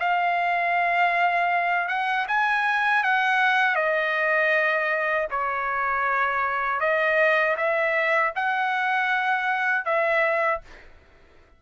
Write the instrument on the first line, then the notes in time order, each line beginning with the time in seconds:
trumpet
0.00 F5
1.88 F#5
2.28 G#5
3.03 F#5
3.76 D#5
5.31 C#5
6.80 D#5
7.57 E5
8.35 F#5
9.85 E5